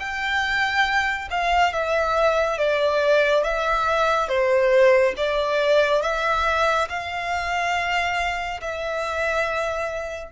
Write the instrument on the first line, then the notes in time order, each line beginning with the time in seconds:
violin
0.00 G5
1.31 F5
1.73 E5
2.58 D5
3.44 E5
4.29 C5
5.17 D5
6.02 E5
6.90 F5
8.61 E5